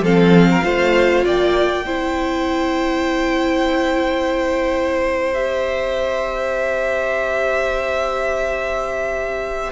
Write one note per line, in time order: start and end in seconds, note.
0.00 0.61 F3
0.00 0.62 C4
0.00 0.48 A4
0.00 1.25 F5
0.50 0.64 A#4
0.62 1.25 A3
0.62 1.83 F4
0.62 1.24 C5
1.24 1.85 A#3
1.24 1.85 D5
1.24 5.33 G5
1.85 9.71 C4
1.85 5.33 E4
1.85 9.71 C5
5.33 9.71 G4
5.33 9.71 E5